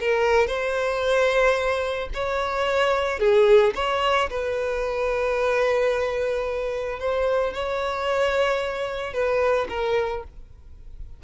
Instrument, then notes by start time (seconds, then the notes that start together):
violin
0.00 A#4
0.47 C5
2.14 C#5
3.19 G#4
3.75 C#5
4.30 B4
7.00 C5
7.53 C#5
9.14 B4
9.69 A#4